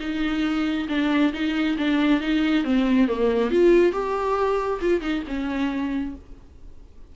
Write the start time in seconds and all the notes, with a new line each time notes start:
0.00 D#4
0.89 D4
1.33 D#4
1.78 D4
2.21 D#4
2.64 C4
3.08 A#3
3.51 F4
3.92 G4
4.81 F4
5.01 D#4
5.28 C#4